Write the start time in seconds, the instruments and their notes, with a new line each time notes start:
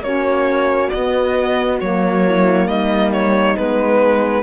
0.00 cello A#3, saxophone C#4, horn F#4, violin C#5
0.90 saxophone B3, cello B3, violin D#5
1.79 cello F#3, saxophone A#3, violin C#5
2.26 horn E4
2.67 cello G3, horn D#4, violin D#5
3.13 violin C#5
3.55 cello G#3, saxophone B3, violin B4